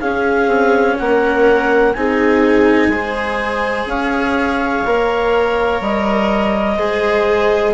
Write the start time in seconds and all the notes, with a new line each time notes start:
0.00 C#4 G#4 F5
0.48 C4
0.99 A#3 A#4 F#5
1.94 C4 D#4 G#4 G#5
2.88 G#3 G#4 C5
3.86 C#4 C#5 F5
4.86 A#3 A#4
5.81 G3 D#5
6.75 G#3 G#4 C5